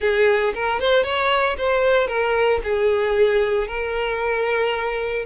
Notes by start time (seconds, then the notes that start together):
0.00 G#4
0.54 A#4
0.80 C5
1.03 C#5
1.57 C5
2.07 A#4
2.63 G#4
3.67 A#4